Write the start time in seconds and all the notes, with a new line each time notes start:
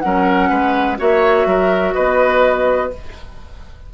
0.00 F#3 C#4 A#4 F#5
0.49 G#3 B4
0.97 A#3 F#4 C#5 E5
1.46 F#3 A#4
1.94 B3 B4 D#5